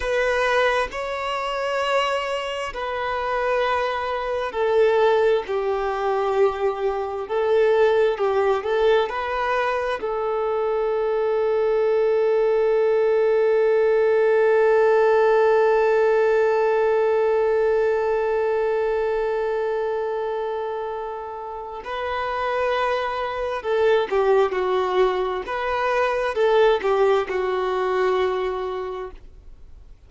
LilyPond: \new Staff \with { instrumentName = "violin" } { \time 4/4 \tempo 4 = 66 b'4 cis''2 b'4~ | b'4 a'4 g'2 | a'4 g'8 a'8 b'4 a'4~ | a'1~ |
a'1~ | a'1 | b'2 a'8 g'8 fis'4 | b'4 a'8 g'8 fis'2 | }